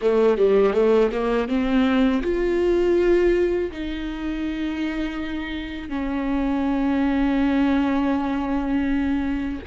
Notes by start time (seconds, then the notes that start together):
0.01 A3
0.37 G3
0.73 A3
1.11 A#3
1.47 C4
2.22 F4
3.71 D#4
5.89 C#4